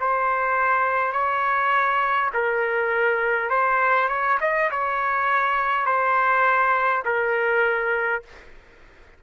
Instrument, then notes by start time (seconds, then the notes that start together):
trumpet
0.00 C5
1.12 C#5
2.34 A#4
3.50 C5
4.09 C#5
4.41 D#5
4.71 C#5
5.86 C5
7.05 A#4